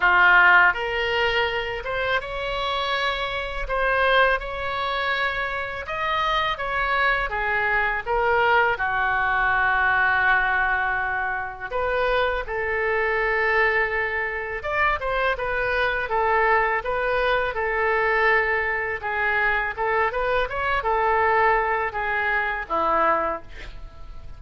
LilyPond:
\new Staff \with { instrumentName = "oboe" } { \time 4/4 \tempo 4 = 82 f'4 ais'4. c''8 cis''4~ | cis''4 c''4 cis''2 | dis''4 cis''4 gis'4 ais'4 | fis'1 |
b'4 a'2. | d''8 c''8 b'4 a'4 b'4 | a'2 gis'4 a'8 b'8 | cis''8 a'4. gis'4 e'4 | }